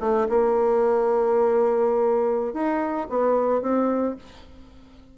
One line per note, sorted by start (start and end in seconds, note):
0.00 0.27 A3
0.29 2.53 A#3
2.53 3.07 D#4
3.09 3.61 B3
3.61 4.15 C4